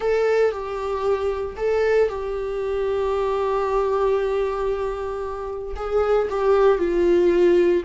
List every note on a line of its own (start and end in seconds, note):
0.00 0.51 A4
0.51 1.55 G4
1.57 2.09 A4
2.09 5.74 G4
5.76 6.28 G#4
6.30 6.78 G4
6.78 7.83 F4